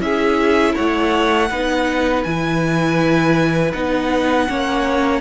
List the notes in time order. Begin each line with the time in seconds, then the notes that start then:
0.00 C#4 E4 G#4 E5
0.75 A3 C#5 F#5
1.50 B3 D#4 B4
2.24 E3 E4 G#5
3.73 B3 D#4 F#5
4.48 A#3 C#4 C#5